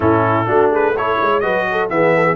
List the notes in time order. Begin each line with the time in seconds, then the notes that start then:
0.00 A2 C#4 E4 A4
0.45 A3 D4 F#4
0.71 G#4 B4
0.96 E4 A4 C#5
1.21 G#3 C#5
1.40 F#3 F#4 B4 D#5
1.71 A4
1.89 E3 B3 G#4 E5
2.16 A4
2.24 G#4